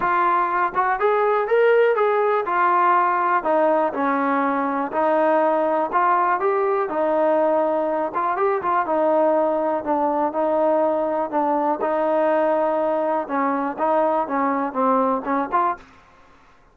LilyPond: \new Staff \with { instrumentName = "trombone" } { \time 4/4 \tempo 4 = 122 f'4. fis'8 gis'4 ais'4 | gis'4 f'2 dis'4 | cis'2 dis'2 | f'4 g'4 dis'2~ |
dis'8 f'8 g'8 f'8 dis'2 | d'4 dis'2 d'4 | dis'2. cis'4 | dis'4 cis'4 c'4 cis'8 f'8 | }